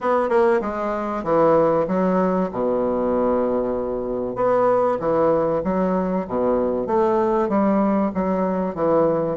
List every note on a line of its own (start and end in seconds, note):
0.01 0.29 B3
0.29 0.60 A#3
0.61 1.23 G#3
1.23 1.86 E3
1.87 2.50 F#3
2.51 4.35 B2
4.35 4.97 B3
4.99 5.62 E3
5.63 6.26 F#3
6.27 6.87 B2
6.87 7.48 A3
7.48 8.11 G3
8.14 8.74 F#3
8.74 9.37 E3